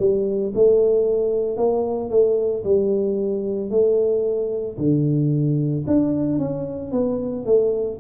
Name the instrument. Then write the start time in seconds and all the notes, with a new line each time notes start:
tuba
0.00 G3
0.55 A3
1.58 A#3
2.10 A3
2.64 G3
3.71 A3
4.78 D3
5.87 D4
6.39 C#4
6.93 B3
7.46 A3